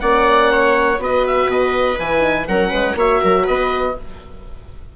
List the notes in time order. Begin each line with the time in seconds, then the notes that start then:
0.00 A#3 C#4 D5 F#5
0.52 C#5
0.99 B3 F#4 B4 D#5
1.27 E5
1.47 B2 D#5
1.99 E3 E4 G#5
2.20 D#4
2.48 F#3 C#4 A#4 F#5
2.70 G#3 B4
2.95 A#3 F#4 C#5 E5
3.21 F#3 A#4
3.43 B3 B4 D#5